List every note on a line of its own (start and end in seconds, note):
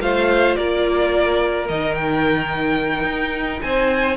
0.00 0.56 A3
0.00 1.67 F4
0.00 0.57 C5
0.00 0.56 F5
0.56 1.69 A#3
0.56 3.63 A#4
0.56 1.67 D5
1.68 3.04 D#3
1.68 4.16 D#4
1.68 1.95 D#5
1.95 3.61 G5
3.04 3.59 D#4
3.61 4.16 C4
3.61 4.16 C5
3.61 4.16 G#5